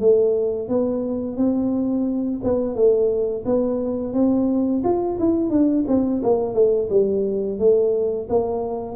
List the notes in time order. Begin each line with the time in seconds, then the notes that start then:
0.00 A3
0.68 B3
1.37 C4
2.44 B3
2.75 A3
3.45 B3
4.13 C4
4.84 F4
5.19 E4
5.50 D4
5.88 C4
6.23 A#3
6.54 A3
6.90 G3
7.59 A3
8.29 A#3